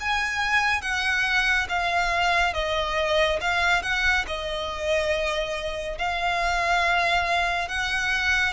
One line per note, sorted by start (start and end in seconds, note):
0.00 0.82 G#5
0.82 1.68 F#5
1.69 2.54 F5
2.54 3.40 D#5
3.41 3.83 F5
3.83 4.25 F#5
4.27 5.98 D#5
5.98 7.69 F5
7.69 8.53 F#5